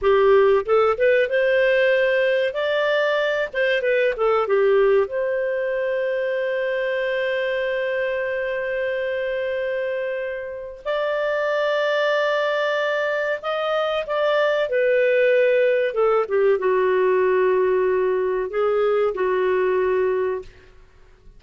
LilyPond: \new Staff \with { instrumentName = "clarinet" } { \time 4/4 \tempo 4 = 94 g'4 a'8 b'8 c''2 | d''4. c''8 b'8 a'8 g'4 | c''1~ | c''1~ |
c''4 d''2.~ | d''4 dis''4 d''4 b'4~ | b'4 a'8 g'8 fis'2~ | fis'4 gis'4 fis'2 | }